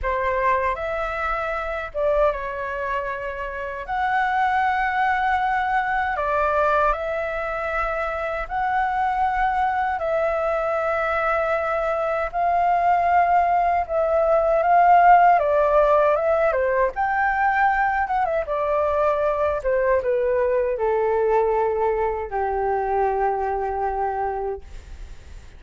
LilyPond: \new Staff \with { instrumentName = "flute" } { \time 4/4 \tempo 4 = 78 c''4 e''4. d''8 cis''4~ | cis''4 fis''2. | d''4 e''2 fis''4~ | fis''4 e''2. |
f''2 e''4 f''4 | d''4 e''8 c''8 g''4. fis''16 e''16 | d''4. c''8 b'4 a'4~ | a'4 g'2. | }